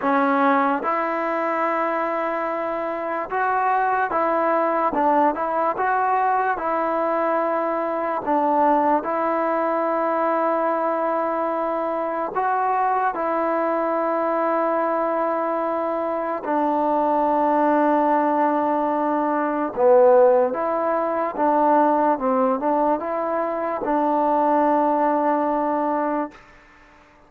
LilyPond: \new Staff \with { instrumentName = "trombone" } { \time 4/4 \tempo 4 = 73 cis'4 e'2. | fis'4 e'4 d'8 e'8 fis'4 | e'2 d'4 e'4~ | e'2. fis'4 |
e'1 | d'1 | b4 e'4 d'4 c'8 d'8 | e'4 d'2. | }